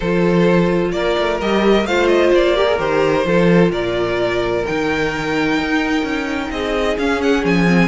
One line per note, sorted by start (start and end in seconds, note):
0.00 0.92 F3
0.00 1.40 F4
0.00 0.92 A4
0.00 0.91 C5
0.91 1.15 A#3
0.91 1.87 A#4
0.91 1.38 D5
1.18 1.41 A3
1.40 1.84 G3
1.40 1.86 G4
1.40 1.86 D#5
1.84 2.31 A3
1.84 2.56 F4
1.84 2.56 C5
1.84 2.07 F5
2.07 2.30 D#5
2.33 2.79 A#3
2.33 2.78 D5
2.56 2.66 G4
2.56 3.26 A#4
2.66 2.78 G#4
2.78 3.25 D#3
2.78 3.25 G4
2.78 3.71 C5
3.25 3.69 F3
3.25 4.66 F4
3.25 3.71 A4
3.69 4.62 A#2
3.69 6.50 A#4
3.69 4.65 D5
4.65 5.60 D#3
4.65 6.98 D#4
4.65 6.50 G5
5.60 6.03 D#4
6.03 6.49 C#4
6.50 6.96 C4
6.50 7.88 G#4
6.50 6.97 D#5
6.98 7.44 C#4
6.98 7.67 C#4
6.98 7.21 F5
7.21 7.44 F#5
7.44 7.88 F3
7.44 7.88 G#5
7.67 7.88 C4